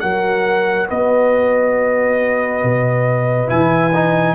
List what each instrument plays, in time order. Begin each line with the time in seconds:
0.00 tuba F#3, trombone F#4, horn A#4, trumpet F#5
0.88 tuba B3, horn B4, trumpet D#5
2.63 tuba B2
3.47 tuba E3, trombone E4, trumpet G#5
3.94 trombone D#4